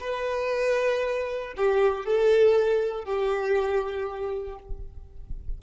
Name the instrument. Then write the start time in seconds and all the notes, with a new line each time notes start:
violin
0.00 B4
1.57 G4
2.05 A4
3.04 G4